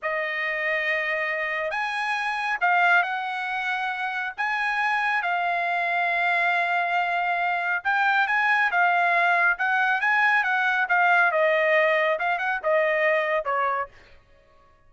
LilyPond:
\new Staff \with { instrumentName = "trumpet" } { \time 4/4 \tempo 4 = 138 dis''1 | gis''2 f''4 fis''4~ | fis''2 gis''2 | f''1~ |
f''2 g''4 gis''4 | f''2 fis''4 gis''4 | fis''4 f''4 dis''2 | f''8 fis''8 dis''2 cis''4 | }